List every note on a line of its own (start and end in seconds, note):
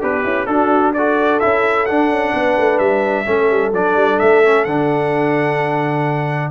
0.00 0.24 B3
0.00 0.23 D4
0.00 0.47 G4
0.00 0.46 B4
0.23 0.47 C#4
0.23 0.46 E4
0.46 1.40 D4
0.46 0.94 D4
0.46 0.95 F#4
0.46 0.93 A4
0.93 1.41 F#4
0.93 2.34 A4
0.93 1.39 D5
1.39 1.88 C#4
1.39 1.87 E4
1.39 1.85 E5
1.85 3.25 D4
1.85 2.09 D4
1.85 2.78 F#5
2.09 2.32 C#4
2.33 2.57 B3
2.33 3.26 B4
2.58 2.79 A3
2.78 3.25 G3
2.78 3.71 E5
3.25 3.50 A3
3.25 3.72 C#4
3.25 6.51 A4
3.50 3.72 G3
3.72 3.95 F#3
3.72 4.44 D4
3.72 4.19 D5
3.95 4.18 G3
4.19 4.65 A3
4.19 4.64 E5
4.44 4.67 C#4
4.64 6.51 D3
4.64 6.51 D4
4.64 6.50 F#5